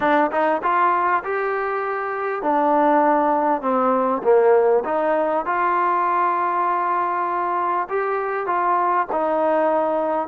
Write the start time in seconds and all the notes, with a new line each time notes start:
0.00 D4
0.31 D#4
0.62 F4
1.23 G4
2.42 D4
3.61 C4
4.23 A#3
4.85 D#4
5.45 F4
7.89 G4
8.46 F4
9.12 D#4